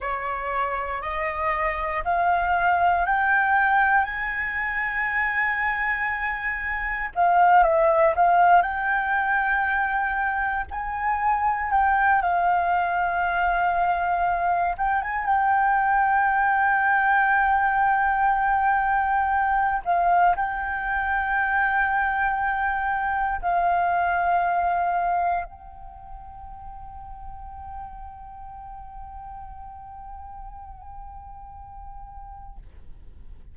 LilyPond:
\new Staff \with { instrumentName = "flute" } { \time 4/4 \tempo 4 = 59 cis''4 dis''4 f''4 g''4 | gis''2. f''8 e''8 | f''8 g''2 gis''4 g''8 | f''2~ f''8 g''16 gis''16 g''4~ |
g''2.~ g''8 f''8 | g''2. f''4~ | f''4 g''2.~ | g''1 | }